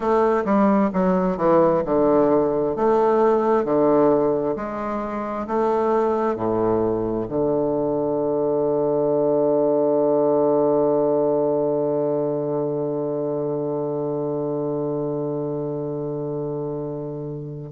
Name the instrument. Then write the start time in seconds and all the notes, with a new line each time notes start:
bassoon
0.00 A3
0.44 G3
0.93 F#3
1.37 E3
1.85 D3
2.76 A3
3.64 D3
4.56 G#3
5.47 A3
6.35 A2
7.28 D3